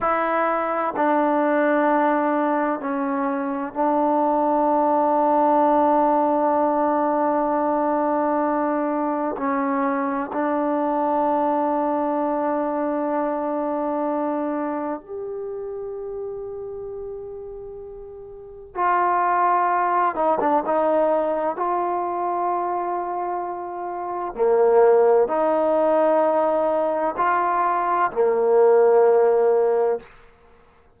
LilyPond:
\new Staff \with { instrumentName = "trombone" } { \time 4/4 \tempo 4 = 64 e'4 d'2 cis'4 | d'1~ | d'2 cis'4 d'4~ | d'1 |
g'1 | f'4. dis'16 d'16 dis'4 f'4~ | f'2 ais4 dis'4~ | dis'4 f'4 ais2 | }